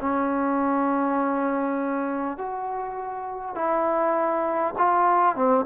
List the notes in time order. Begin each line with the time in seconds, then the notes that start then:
0.00 C#4
2.37 F#4
3.55 E4
4.78 F4
5.35 C4